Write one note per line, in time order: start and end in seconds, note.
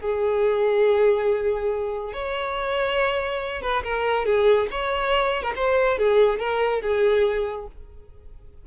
0.00 2.13 G#4
2.13 3.62 C#5
3.62 3.83 B4
3.83 4.25 A#4
4.25 4.68 G#4
4.71 5.42 C#5
5.42 5.53 A#4
5.56 5.98 C5
5.98 6.39 G#4
6.39 6.81 A#4
6.82 7.67 G#4